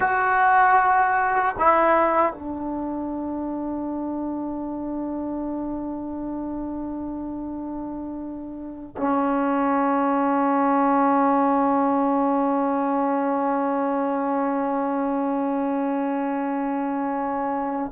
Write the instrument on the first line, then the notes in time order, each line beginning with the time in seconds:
trombone
0.00 F#4
1.58 E4
2.33 D4
8.97 C#4